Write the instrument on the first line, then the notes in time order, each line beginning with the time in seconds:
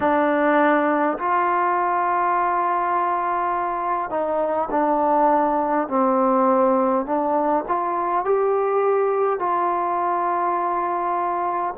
trombone
0.00 D4
1.18 F4
4.10 D#4
4.71 D4
5.88 C4
7.05 D4
7.67 F4
8.24 G4
9.39 F4